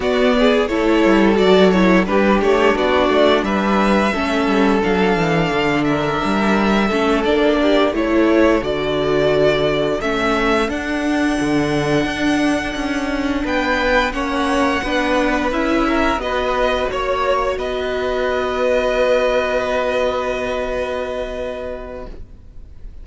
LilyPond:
<<
  \new Staff \with { instrumentName = "violin" } { \time 4/4 \tempo 4 = 87 d''4 cis''4 d''8 cis''8 b'8 cis''8 | d''4 e''2 f''4~ | f''8 e''2 d''4 cis''8~ | cis''8 d''2 e''4 fis''8~ |
fis''2.~ fis''8 g''8~ | g''8 fis''2 e''4 dis''8~ | dis''8 cis''4 dis''2~ dis''8~ | dis''1 | }
  \new Staff \with { instrumentName = "violin" } { \time 4/4 fis'8 gis'8 a'2 g'4 | fis'4 b'4 a'2~ | a'8 ais'4. a'4 g'8 a'8~ | a'1~ |
a'2.~ a'8 b'8~ | b'8 cis''4 b'4. ais'8 b'8~ | b'8 cis''4 b'2~ b'8~ | b'1 | }
  \new Staff \with { instrumentName = "viola" } { \time 4/4 b4 e'4 fis'8 e'8 d'4~ | d'2 cis'4 d'4~ | d'2 cis'8 d'4 e'8~ | e'8 fis'2 cis'4 d'8~ |
d'1~ | d'8 cis'4 d'4 e'4 fis'8~ | fis'1~ | fis'1 | }
  \new Staff \with { instrumentName = "cello" } { \time 4/4 b4 a8 g8 fis4 g8 a8 | b8 a8 g4 a8 g8 fis8 e8 | d4 g4 a8 ais4 a8~ | a8 d2 a4 d'8~ |
d'8 d4 d'4 cis'4 b8~ | b8 ais4 b4 cis'4 b8~ | b8 ais4 b2~ b8~ | b1 | }
>>